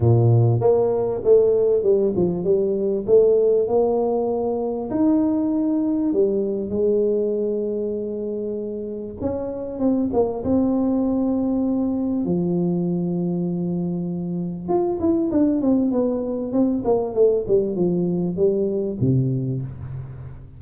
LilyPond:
\new Staff \with { instrumentName = "tuba" } { \time 4/4 \tempo 4 = 98 ais,4 ais4 a4 g8 f8 | g4 a4 ais2 | dis'2 g4 gis4~ | gis2. cis'4 |
c'8 ais8 c'2. | f1 | f'8 e'8 d'8 c'8 b4 c'8 ais8 | a8 g8 f4 g4 c4 | }